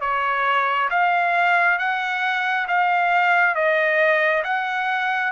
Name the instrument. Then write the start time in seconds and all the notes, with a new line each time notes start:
trumpet
0.00 C#5
0.90 F5
1.78 F#5
2.68 F5
3.55 D#5
4.44 F#5